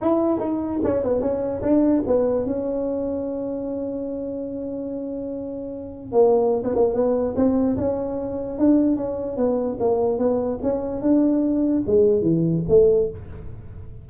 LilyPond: \new Staff \with { instrumentName = "tuba" } { \time 4/4 \tempo 4 = 147 e'4 dis'4 cis'8 b8 cis'4 | d'4 b4 cis'2~ | cis'1~ | cis'2. ais4~ |
ais16 b16 ais8 b4 c'4 cis'4~ | cis'4 d'4 cis'4 b4 | ais4 b4 cis'4 d'4~ | d'4 gis4 e4 a4 | }